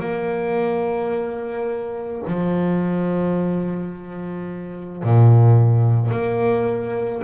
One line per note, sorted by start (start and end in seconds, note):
0.00 2.22 A#3
2.27 5.03 F3
5.03 6.11 A#2
6.11 7.22 A#3